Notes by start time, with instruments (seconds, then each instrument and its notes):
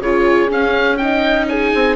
0.00 bassoon C#3, viola F4, horn G#4, oboe C#5
0.49 viola C#4, bassoon C#4, oboe F5
0.97 viola D#4, horn D#5, oboe G5
1.49 horn G#4, oboe G#5
1.75 bassoon C4